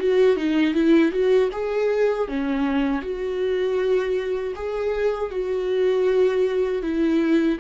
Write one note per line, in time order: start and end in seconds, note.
0.00 0.37 F#4
0.37 0.74 D#4
0.74 1.12 E4
1.12 1.50 F#4
1.52 2.28 G#4
2.28 3.02 C#4
3.02 4.54 F#4
4.56 5.31 G#4
5.31 6.83 F#4
6.83 7.59 E4